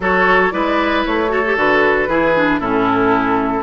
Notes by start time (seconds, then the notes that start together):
0.00 F#3 F#4 A4 C#5
0.50 G#3 E4 B4 D5
1.05 A3 C#5
1.28 F#4 A4
1.45 G4
1.56 D3 F#4 B4
2.07 E3 E4 G#4
2.35 D4
2.60 A2 C#4 E4 A4